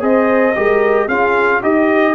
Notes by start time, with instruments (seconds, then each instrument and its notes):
0.00 tuba C4, trombone G#4, horn C5, trumpet D#5
0.56 tuba G#3, trombone G4, horn A#4
1.06 tuba C#4, trombone F4, horn G#4, trumpet F5
1.62 tuba D#4, trombone G4, horn G4, trumpet D#5